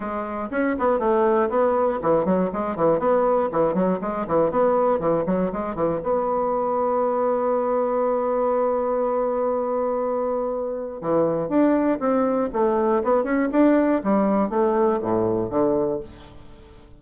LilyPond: \new Staff \with { instrumentName = "bassoon" } { \time 4/4 \tempo 4 = 120 gis4 cis'8 b8 a4 b4 | e8 fis8 gis8 e8 b4 e8 fis8 | gis8 e8 b4 e8 fis8 gis8 e8 | b1~ |
b1~ | b2 e4 d'4 | c'4 a4 b8 cis'8 d'4 | g4 a4 a,4 d4 | }